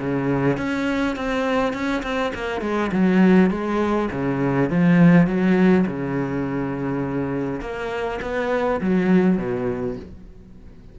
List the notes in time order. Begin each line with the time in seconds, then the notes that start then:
0.00 C#3
0.57 C#4
1.17 C4
1.74 C#4
2.03 C4
2.35 A#3
2.62 G#3
2.93 F#3
3.51 G#3
4.12 C#3
4.71 F3
5.27 F#3
5.87 C#3
7.61 A#3
8.22 B3
8.82 F#3
9.38 B2